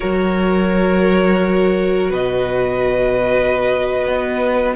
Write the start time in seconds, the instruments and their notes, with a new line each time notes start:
0.00 cello F#3, viola F#4, violin A#4 C#5
2.09 cello B2, violin B4 D#5
4.07 cello B3